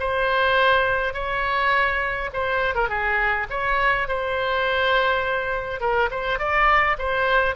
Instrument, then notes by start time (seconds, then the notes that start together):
oboe
0.00 C5
1.14 C#5
2.34 C5
2.75 A#4
2.89 G#4
3.51 C#5
4.09 C5
5.81 A#4
6.11 C5
6.39 D5
6.99 C5